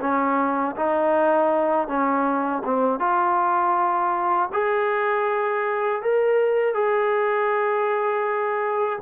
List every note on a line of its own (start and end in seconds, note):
0.00 0.75 C#4
0.76 1.88 D#4
1.88 2.62 C#4
2.64 2.99 C4
2.99 4.49 F4
4.52 6.02 G#4
6.02 6.74 A#4
6.74 8.99 G#4